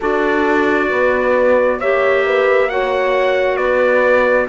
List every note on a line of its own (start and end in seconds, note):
0.00 0.91 D4
0.00 1.80 F#4
0.00 0.88 A4
0.00 1.79 D5
0.89 1.79 B3
0.89 1.79 B4
1.79 3.58 A#3
1.79 2.69 G4
1.79 2.23 C#5
1.79 2.69 E5
2.25 2.70 B4
2.69 4.48 F#4
2.69 3.56 C#5
2.69 3.57 F#5
3.56 4.48 B3
3.56 4.46 B4
3.56 4.46 D5